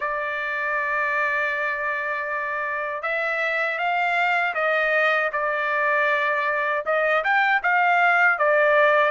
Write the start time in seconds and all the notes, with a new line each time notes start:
0.00 D5
3.02 E5
3.78 F5
4.54 D#5
5.32 D5
6.85 D#5
7.24 G5
7.63 F5
8.38 D5